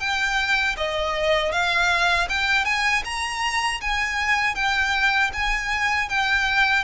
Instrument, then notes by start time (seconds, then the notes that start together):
violin
0.00 G5
0.77 D#5
1.52 F5
2.29 G5
2.65 G#5
3.04 A#5
3.81 G#5
4.55 G5
5.33 G#5
6.09 G5